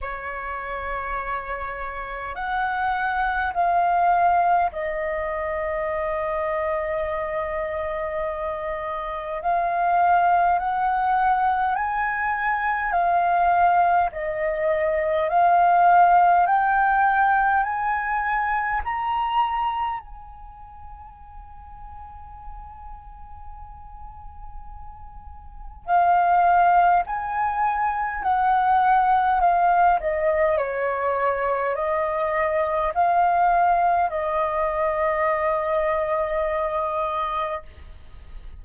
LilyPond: \new Staff \with { instrumentName = "flute" } { \time 4/4 \tempo 4 = 51 cis''2 fis''4 f''4 | dis''1 | f''4 fis''4 gis''4 f''4 | dis''4 f''4 g''4 gis''4 |
ais''4 gis''2.~ | gis''2 f''4 gis''4 | fis''4 f''8 dis''8 cis''4 dis''4 | f''4 dis''2. | }